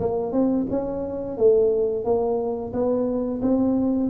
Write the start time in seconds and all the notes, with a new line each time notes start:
0.00 A#3
0.33 C4
0.70 C#4
1.37 A3
2.05 A#3
2.73 B3
3.42 C4